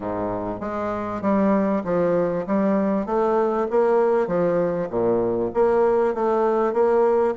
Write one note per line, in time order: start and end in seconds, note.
0.00 0.60 G#2
0.60 1.21 G#3
1.21 1.82 G3
1.84 2.45 F3
2.47 3.06 G3
3.06 3.67 A3
3.70 4.27 A#3
4.27 4.88 F3
4.90 5.51 A#2
5.54 6.14 A#3
6.14 6.73 A3
6.73 7.34 A#3